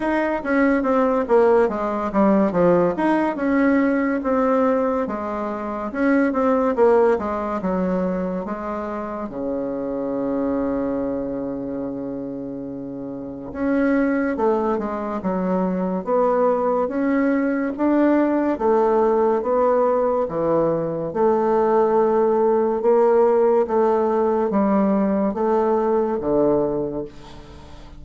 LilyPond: \new Staff \with { instrumentName = "bassoon" } { \time 4/4 \tempo 4 = 71 dis'8 cis'8 c'8 ais8 gis8 g8 f8 dis'8 | cis'4 c'4 gis4 cis'8 c'8 | ais8 gis8 fis4 gis4 cis4~ | cis1 |
cis'4 a8 gis8 fis4 b4 | cis'4 d'4 a4 b4 | e4 a2 ais4 | a4 g4 a4 d4 | }